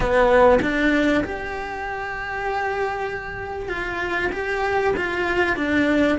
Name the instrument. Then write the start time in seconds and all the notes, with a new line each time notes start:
cello
0.00 B3
0.62 D4
1.24 G4
3.68 F4
4.32 G4
4.96 F4
5.56 D4